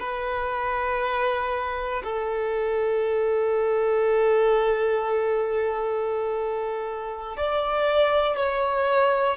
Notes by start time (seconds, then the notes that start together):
0.00 B4
2.04 A4
7.37 D5
8.38 C#5